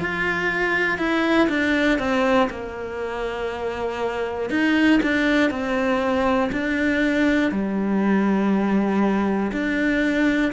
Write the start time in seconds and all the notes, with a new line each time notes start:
0.00 F4
0.98 E4
1.49 D4
1.99 C4
2.50 A#3
4.50 D#4
5.03 D4
5.50 C4
6.52 D4
7.51 G3
9.52 D4